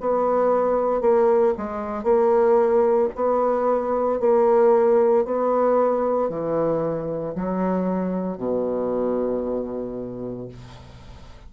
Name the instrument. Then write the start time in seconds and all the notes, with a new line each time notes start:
bassoon
0.00 B3
1.01 A#3
1.57 G#3
2.03 A#3
3.15 B3
4.20 A#3
5.25 B3
6.29 E3
7.35 F#3
8.37 B2